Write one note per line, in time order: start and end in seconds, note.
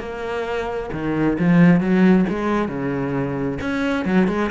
0.00 0.90 A#3
0.93 1.38 D#3
1.39 1.81 F3
1.81 2.26 F#3
2.29 2.69 G#3
2.69 3.59 C#3
3.61 4.05 C#4
4.05 4.28 F#3
4.28 4.51 G#3